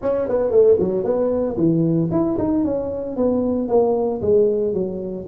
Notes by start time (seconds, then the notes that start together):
0.01 C#4
0.28 B3
0.50 A3
0.79 F#3
1.04 B3
1.56 E3
2.11 E4
2.38 D#4
2.64 C#4
3.16 B3
3.68 A#3
4.21 G#3
4.73 F#3